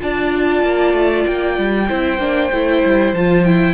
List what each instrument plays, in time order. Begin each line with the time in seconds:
0.00 cello D4, viola F4, violin D5 A5
0.63 cello A#3
0.94 cello A3
1.26 cello A#3, violin G5
1.58 cello G3
1.89 cello C4, viola E4, violin C5
2.19 cello A#3, viola D4
2.53 cello A3, viola E4
2.85 cello G3
3.13 cello F3, viola F4, violin A5
3.45 viola E4, violin G5